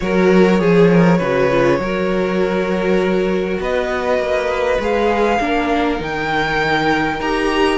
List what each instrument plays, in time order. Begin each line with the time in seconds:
0.00 cello F#3, viola F#4, violin A#4 C#5
0.59 cello F3, viola G#4, violin G#4
0.91 violin A#4
1.18 cello C#3, viola F#4, violin B4
1.50 viola F4
1.78 cello F#3, viola F#4, violin A#4
3.60 cello B3, violin B4 D#5
4.18 cello A#3
4.79 cello G#3, viola G#4, violin F5
5.40 cello A#3, viola D4, violin A#4
5.98 cello D#3, viola D#4, violin G5
7.20 cello D#4, viola G4, violin A#5